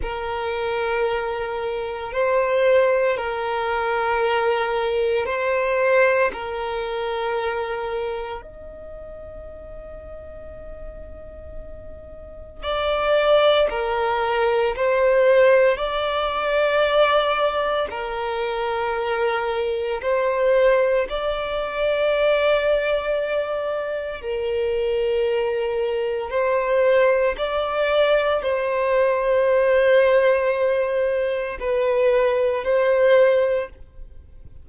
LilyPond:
\new Staff \with { instrumentName = "violin" } { \time 4/4 \tempo 4 = 57 ais'2 c''4 ais'4~ | ais'4 c''4 ais'2 | dis''1 | d''4 ais'4 c''4 d''4~ |
d''4 ais'2 c''4 | d''2. ais'4~ | ais'4 c''4 d''4 c''4~ | c''2 b'4 c''4 | }